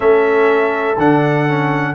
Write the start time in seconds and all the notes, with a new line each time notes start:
0.00 A3 C#4 A4 E5
0.97 D3 D4 F#5
1.48 C#4